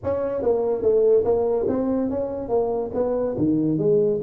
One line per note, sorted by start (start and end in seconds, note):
0.03 0.42 C#4
0.42 0.82 A#3
0.82 1.24 A3
1.24 1.66 A#3
1.68 2.10 C4
2.10 2.49 C#4
2.49 2.90 A#3
2.94 3.35 B3
3.37 3.78 D#3
3.78 4.20 G#3